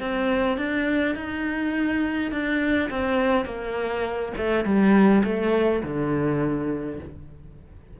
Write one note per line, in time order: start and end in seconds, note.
0.00 0.58 C4
0.58 1.15 D4
1.15 2.31 D#4
2.31 2.90 D4
2.90 3.45 C4
3.45 4.33 A#3
4.37 4.65 A3
4.65 5.23 G3
5.24 5.82 A3
5.83 7.00 D3